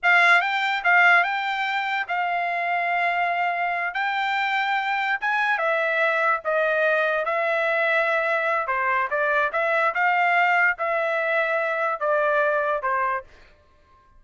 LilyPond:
\new Staff \with { instrumentName = "trumpet" } { \time 4/4 \tempo 4 = 145 f''4 g''4 f''4 g''4~ | g''4 f''2.~ | f''4. g''2~ g''8~ | g''8 gis''4 e''2 dis''8~ |
dis''4. e''2~ e''8~ | e''4 c''4 d''4 e''4 | f''2 e''2~ | e''4 d''2 c''4 | }